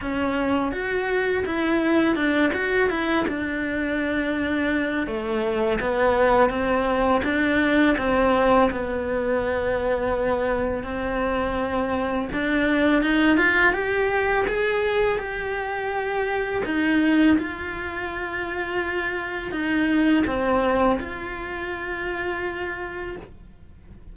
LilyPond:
\new Staff \with { instrumentName = "cello" } { \time 4/4 \tempo 4 = 83 cis'4 fis'4 e'4 d'8 fis'8 | e'8 d'2~ d'8 a4 | b4 c'4 d'4 c'4 | b2. c'4~ |
c'4 d'4 dis'8 f'8 g'4 | gis'4 g'2 dis'4 | f'2. dis'4 | c'4 f'2. | }